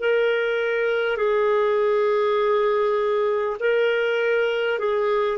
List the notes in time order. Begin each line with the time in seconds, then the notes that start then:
0.00 A#4
1.17 G#4
3.59 A#4
4.79 G#4